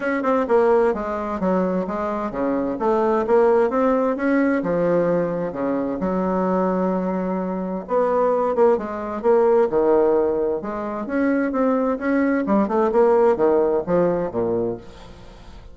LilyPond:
\new Staff \with { instrumentName = "bassoon" } { \time 4/4 \tempo 4 = 130 cis'8 c'8 ais4 gis4 fis4 | gis4 cis4 a4 ais4 | c'4 cis'4 f2 | cis4 fis2.~ |
fis4 b4. ais8 gis4 | ais4 dis2 gis4 | cis'4 c'4 cis'4 g8 a8 | ais4 dis4 f4 ais,4 | }